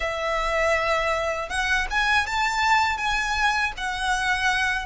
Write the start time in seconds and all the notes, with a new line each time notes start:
0.00 E5
1.49 F#5
1.90 G#5
2.26 A5
2.97 G#5
3.77 F#5